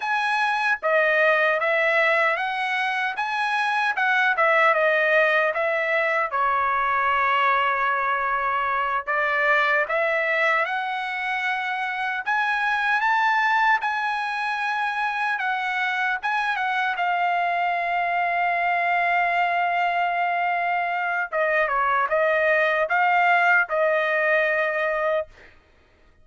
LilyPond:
\new Staff \with { instrumentName = "trumpet" } { \time 4/4 \tempo 4 = 76 gis''4 dis''4 e''4 fis''4 | gis''4 fis''8 e''8 dis''4 e''4 | cis''2.~ cis''8 d''8~ | d''8 e''4 fis''2 gis''8~ |
gis''8 a''4 gis''2 fis''8~ | fis''8 gis''8 fis''8 f''2~ f''8~ | f''2. dis''8 cis''8 | dis''4 f''4 dis''2 | }